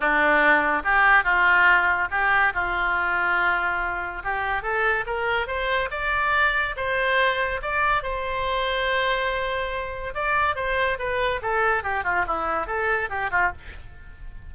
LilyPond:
\new Staff \with { instrumentName = "oboe" } { \time 4/4 \tempo 4 = 142 d'2 g'4 f'4~ | f'4 g'4 f'2~ | f'2 g'4 a'4 | ais'4 c''4 d''2 |
c''2 d''4 c''4~ | c''1 | d''4 c''4 b'4 a'4 | g'8 f'8 e'4 a'4 g'8 f'8 | }